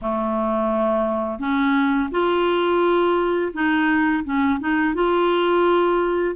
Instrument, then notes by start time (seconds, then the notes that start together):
clarinet
0.01 A3
1.39 C#4
2.11 F4
3.53 D#4
4.24 C#4
4.59 D#4
4.94 F4